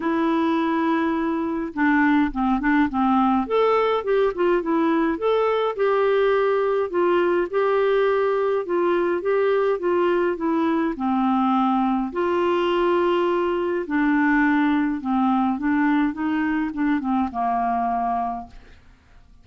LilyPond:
\new Staff \with { instrumentName = "clarinet" } { \time 4/4 \tempo 4 = 104 e'2. d'4 | c'8 d'8 c'4 a'4 g'8 f'8 | e'4 a'4 g'2 | f'4 g'2 f'4 |
g'4 f'4 e'4 c'4~ | c'4 f'2. | d'2 c'4 d'4 | dis'4 d'8 c'8 ais2 | }